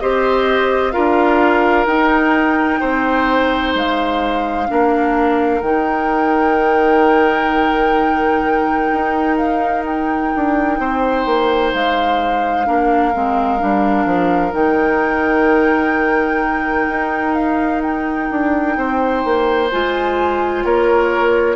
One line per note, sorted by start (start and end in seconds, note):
0.00 0.95 C4
0.00 0.93 G4
0.00 0.94 C5
0.00 0.92 D#5
0.92 1.87 D4
0.92 1.87 F4
0.92 2.80 A#4
0.92 1.86 F5
1.87 2.80 D#4
1.87 4.67 D#4
1.87 3.74 G5
2.80 3.75 C4
2.80 4.68 C5
3.75 4.69 G#3
3.75 5.62 F5
4.67 5.62 A#3
4.67 5.61 D4
4.67 10.80 A#4
5.62 8.90 D#3
5.62 12.66 D#4
5.62 9.37 G5
8.93 10.34 D#4
9.37 9.84 F5
9.86 11.72 G5
10.36 10.79 D4
10.79 11.26 C4
10.79 12.67 C5
11.26 11.73 A#3
11.72 12.68 G#3
11.72 14.54 F5
12.66 13.14 A#3
12.66 13.13 D4
12.66 18.77 A#4
13.14 13.62 G#3
13.14 13.59 C4
13.59 14.06 G3
13.59 14.51 D4
14.06 14.53 F3
14.51 16.88 D#3
14.51 19.67 D#4
14.51 17.35 G5
16.89 18.29 D#4
17.35 17.81 F5
17.82 19.69 G5
18.31 18.77 D4
18.77 19.24 C4
18.77 20.65 C5
19.25 19.71 A#3
19.72 20.64 G#3
19.72 21.56 F4
19.72 20.65 G#5
20.64 21.56 A#3
20.64 21.56 A#4
20.64 21.56 C#5